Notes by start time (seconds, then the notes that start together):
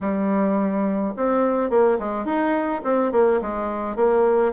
0.01 G3
1.16 C4
1.70 A#3
1.99 G#3
2.25 D#4
2.84 C4
3.12 A#3
3.41 G#3
3.95 A#3